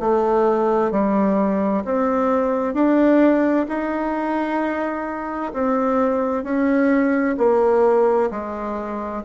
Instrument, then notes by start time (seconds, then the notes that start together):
bassoon
0.00 A3
0.91 G3
1.85 C4
2.74 D4
3.68 D#4
5.53 C4
6.44 C#4
7.38 A#3
8.31 G#3